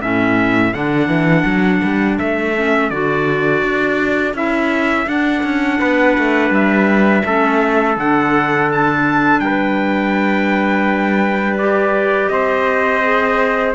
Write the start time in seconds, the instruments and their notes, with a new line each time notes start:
0.00 cello A2, clarinet C#4, trumpet A4 E5
0.73 cello D3, clarinet D4, trumpet F#5
1.08 cello E3
1.45 cello F#3
1.83 cello G3
2.18 cello A3, trumpet E5
2.56 clarinet C#4
2.90 cello D3, clarinet F#4, trumpet D5
3.62 cello D4
4.33 cello C#4, clarinet E4, trumpet E5
5.06 cello D4, clarinet D4, trumpet F#5
5.43 cello C#4
5.79 cello B3, trumpet B4
6.18 cello A3
6.50 cello G3, trumpet E5
7.25 cello A3, clarinet C#4, trumpet A4
7.96 cello D3, clarinet D4, trumpet F#5
8.72 trumpet A5
9.39 cello G3, trumpet B4 G5
11.58 clarinet G4, trumpet D5
12.28 cello C4, trumpet C5 D#5
13.02 clarinet G#4